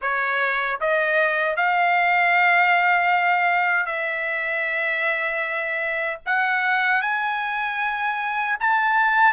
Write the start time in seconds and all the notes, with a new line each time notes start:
0.01 C#5
0.80 D#5
1.56 F5
3.86 E5
6.26 F#5
7.01 G#5
8.59 A5